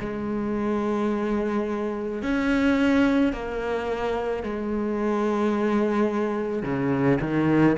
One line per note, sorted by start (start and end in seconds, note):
0.00 2.22 G#3
2.23 3.33 C#4
3.33 4.43 A#3
4.43 6.63 G#3
6.63 7.19 C#3
7.21 7.77 D#3